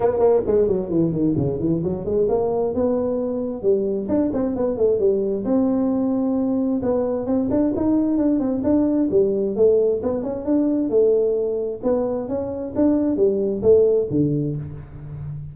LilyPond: \new Staff \with { instrumentName = "tuba" } { \time 4/4 \tempo 4 = 132 b8 ais8 gis8 fis8 e8 dis8 cis8 e8 | fis8 gis8 ais4 b2 | g4 d'8 c'8 b8 a8 g4 | c'2. b4 |
c'8 d'8 dis'4 d'8 c'8 d'4 | g4 a4 b8 cis'8 d'4 | a2 b4 cis'4 | d'4 g4 a4 d4 | }